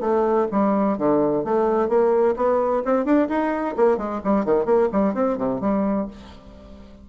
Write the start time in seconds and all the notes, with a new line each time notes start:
0.00 A3
0.51 G3
0.97 D3
1.44 A3
1.88 A#3
2.36 B3
2.85 C4
3.04 D4
3.28 D#4
3.76 A#3
3.97 G#3
4.24 G3
4.45 D#3
4.65 A#3
4.92 G3
5.14 C4
5.37 C3
5.60 G3